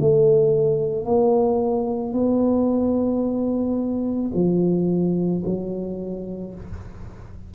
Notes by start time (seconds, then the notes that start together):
0.00 A3
1.06 A#3
2.13 B3
4.34 F3
5.45 F#3